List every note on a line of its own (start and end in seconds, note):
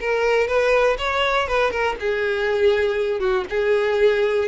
0.00 0.47 A#4
0.47 0.97 B4
0.98 1.47 C#5
1.47 1.71 B4
1.71 1.96 A#4
2.00 3.20 G#4
3.20 3.44 F#4
3.50 4.48 G#4